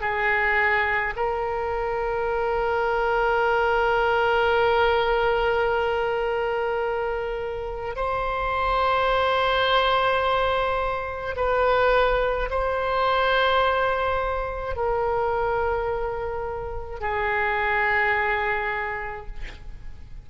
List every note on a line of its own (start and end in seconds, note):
0.00 1.13 G#4
1.16 7.95 A#4
7.96 11.35 C5
11.36 12.49 B4
12.50 14.75 C5
14.75 17.00 A#4
17.00 19.26 G#4